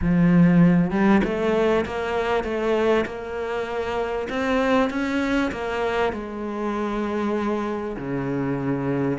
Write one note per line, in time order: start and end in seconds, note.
0.01 0.90 F3
0.90 1.21 G3
1.24 1.85 A3
1.85 2.44 A#3
2.44 3.05 A3
3.05 4.27 A#3
4.29 4.90 C4
4.90 5.51 C#4
5.51 6.12 A#3
6.12 7.96 G#3
7.96 9.18 C#3